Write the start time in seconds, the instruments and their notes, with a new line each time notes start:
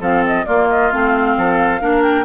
0.00 bassoon F3, clarinet C4, oboe A4, flute F5
0.27 flute D#5
0.46 clarinet A#3, bassoon A#3, oboe F4, flute D5
0.70 flute D#5
0.91 bassoon A3, clarinet C4, flute F5
1.37 bassoon F3, oboe A4
1.80 bassoon A#3, clarinet D4, oboe A#4
2.02 flute G5